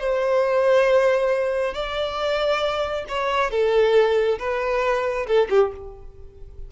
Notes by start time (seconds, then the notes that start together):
0.00 C5
1.74 D5
3.09 C#5
3.51 A4
4.39 B4
5.27 A4
5.50 G4